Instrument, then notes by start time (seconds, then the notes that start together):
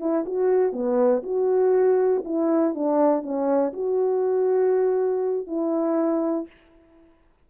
horn
0.00 E4
0.26 F#4
0.73 B3
1.23 F#4
2.25 E4
2.75 D4
3.23 C#4
3.73 F#4
5.47 E4